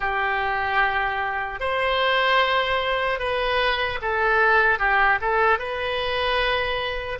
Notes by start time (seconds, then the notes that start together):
0.00 G4
1.60 C5
3.19 B4
4.01 A4
4.79 G4
5.21 A4
5.59 B4